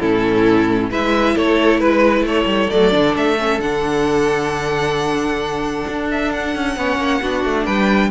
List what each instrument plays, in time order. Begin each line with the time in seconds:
0.00 cello A2, viola C#4, violin E4 A4
0.90 cello G#3, viola E4, violin B4 E5
1.35 cello A3, violin A4 C#5
1.80 cello G#3, violin B4
2.22 cello A3, violin A4 C#5
2.45 cello G3
2.70 cello F#3, viola A3, violin D5
2.91 cello D3, viola D4
3.16 cello A3, violin E5
3.39 viola C#4
3.60 cello D3, viola D4, violin F#5
5.88 cello D4
6.11 violin E5
6.33 violin F#5
6.56 cello C#4
6.77 cello B3, viola C#4, violin C#5
6.97 cello A#3
7.22 cello B3, viola D4, violin F#4
7.45 cello A3
7.65 cello G3, violin B4 G5